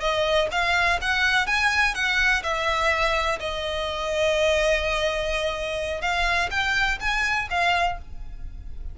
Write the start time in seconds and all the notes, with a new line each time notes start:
0.00 D#5
0.51 F5
1.02 F#5
1.47 G#5
1.94 F#5
2.43 E5
3.40 D#5
6.02 F5
6.51 G5
7.00 G#5
7.50 F5